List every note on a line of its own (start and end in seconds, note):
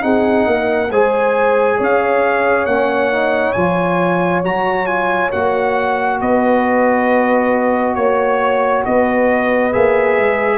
0.00 0.46 C4
0.00 0.88 D#4
0.00 0.47 G#4
0.00 0.91 F#5
0.46 0.90 A#3
0.46 0.91 A#4
0.90 1.78 G#3
0.90 2.69 G#4
0.90 1.78 C5
0.90 1.79 G#5
1.78 2.65 C#4
1.78 6.19 C#5
1.78 2.65 F5
2.65 3.54 A#3
2.65 3.12 C#4
2.65 3.52 F#5
3.12 3.56 D#4
3.52 4.44 F3
3.52 4.44 F4
3.52 4.41 G#5
4.44 5.32 F#3
4.44 4.86 F#4
4.44 4.86 A#5
4.86 5.31 F4
4.86 5.30 G#5
5.31 6.21 A#3
5.31 9.72 F#4
5.31 6.20 F#5
6.21 7.96 B3
6.21 7.97 B4
6.21 7.95 D#5
7.95 8.84 A#3
7.95 8.83 C#5
7.95 8.86 C#5
8.85 9.74 B3
8.85 10.58 B4
8.85 9.73 D#5
9.72 10.18 A#3
9.72 10.58 G#4
9.72 10.58 E5
10.18 10.58 G#3